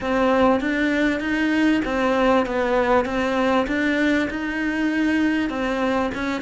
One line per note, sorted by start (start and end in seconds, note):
0.00 0.60 C4
0.60 1.20 D4
1.20 1.81 D#4
1.85 2.45 C4
2.45 3.05 B3
3.05 3.66 C4
3.67 4.28 D4
4.30 5.49 D#4
5.49 6.11 C4
6.14 6.41 C#4